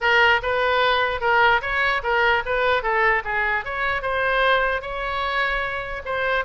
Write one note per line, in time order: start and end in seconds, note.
0.01 0.41 A#4
0.42 1.20 B4
1.20 1.61 A#4
1.61 2.02 C#5
2.03 2.43 A#4
2.45 2.82 B4
2.82 3.23 A4
3.24 3.64 G#4
3.65 4.02 C#5
4.02 4.81 C5
4.81 6.02 C#5
6.05 6.44 C5